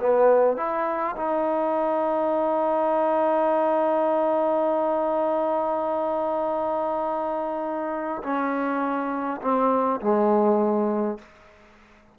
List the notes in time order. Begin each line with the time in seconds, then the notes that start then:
0.00 B3
0.57 E4
1.17 D#4
8.23 C#4
9.42 C4
10.01 G#3